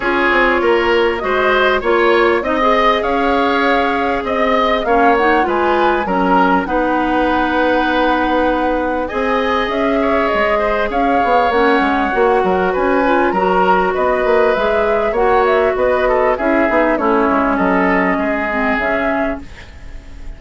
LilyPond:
<<
  \new Staff \with { instrumentName = "flute" } { \time 4/4 \tempo 4 = 99 cis''2 dis''4 cis''4 | dis''4 f''2 dis''4 | f''8 fis''8 gis''4 ais''4 fis''4~ | fis''2. gis''4 |
e''4 dis''4 f''4 fis''4~ | fis''4 gis''4 ais''4 dis''4 | e''4 fis''8 e''8 dis''4 e''4 | cis''4 dis''2 e''4 | }
  \new Staff \with { instrumentName = "oboe" } { \time 4/4 gis'4 ais'4 c''4 cis''4 | dis''4 cis''2 dis''4 | cis''4 b'4 ais'4 b'4~ | b'2. dis''4~ |
dis''8 cis''4 c''8 cis''2~ | cis''8 ais'8 b'4 ais'4 b'4~ | b'4 cis''4 b'8 a'8 gis'4 | e'4 a'4 gis'2 | }
  \new Staff \with { instrumentName = "clarinet" } { \time 4/4 f'2 fis'4 f'4 | dis'16 gis'2.~ gis'8. | cis'8 dis'8 f'4 cis'4 dis'4~ | dis'2. gis'4~ |
gis'2. cis'4 | fis'4. f'8 fis'2 | gis'4 fis'2 e'8 dis'8 | cis'2~ cis'8 c'8 cis'4 | }
  \new Staff \with { instrumentName = "bassoon" } { \time 4/4 cis'8 c'8 ais4 gis4 ais4 | c'4 cis'2 c'4 | ais4 gis4 fis4 b4~ | b2. c'4 |
cis'4 gis4 cis'8 b8 ais8 gis8 | ais8 fis8 cis'4 fis4 b8 ais8 | gis4 ais4 b4 cis'8 b8 | a8 gis8 fis4 gis4 cis4 | }
>>